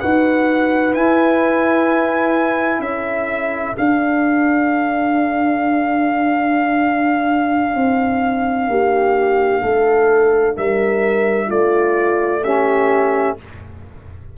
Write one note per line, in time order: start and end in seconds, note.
0.00 0.95 D#4
0.00 0.94 F#4
0.00 2.81 B4
0.00 0.94 F#5
0.94 3.75 E4
0.94 2.79 E4
0.94 2.81 G#5
2.79 3.73 C#4
2.79 8.67 A4
2.79 3.75 E5
3.75 12.42 D4
3.75 7.75 D4
3.75 10.57 F5
7.75 8.68 C4
8.68 9.62 A#3
8.68 9.62 G4
9.62 10.56 A3
9.62 10.56 A4
10.56 11.49 G3
10.56 11.47 A#4
10.56 11.50 E5
11.47 13.36 A3
11.47 12.41 F4
11.47 12.44 D5
12.43 13.37 C#4
12.43 13.37 G4
12.43 13.37 E5